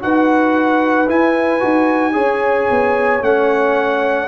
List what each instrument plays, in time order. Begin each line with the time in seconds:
0.00 tuba D#4, trombone F#4, horn B4, trumpet F#5
1.08 tuba E4, trombone E4, trumpet G#5
1.60 tuba D#4, trombone F#4
2.13 tuba C#4, trombone G#4, horn C#5
2.71 tuba B3
3.22 tuba A3, trombone C#4, trumpet F#5